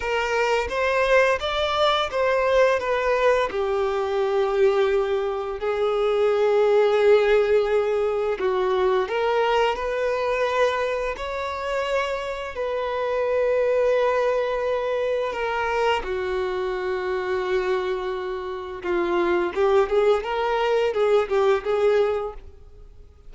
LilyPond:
\new Staff \with { instrumentName = "violin" } { \time 4/4 \tempo 4 = 86 ais'4 c''4 d''4 c''4 | b'4 g'2. | gis'1 | fis'4 ais'4 b'2 |
cis''2 b'2~ | b'2 ais'4 fis'4~ | fis'2. f'4 | g'8 gis'8 ais'4 gis'8 g'8 gis'4 | }